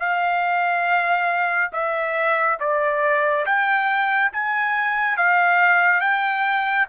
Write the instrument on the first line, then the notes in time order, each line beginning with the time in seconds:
trumpet
0.00 F5
1.73 E5
2.60 D5
3.46 G5
4.33 G#5
5.17 F5
6.01 G5